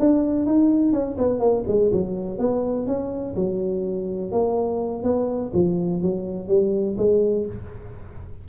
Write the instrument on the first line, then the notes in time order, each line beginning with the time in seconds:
tuba
0.00 D4
0.47 D#4
0.93 C#4
1.18 B3
1.40 A#3
1.68 G#3
1.92 F#3
2.39 B3
2.87 C#4
3.36 F#3
4.32 A#3
5.03 B3
5.54 F3
6.02 F#3
6.49 G3
6.98 G#3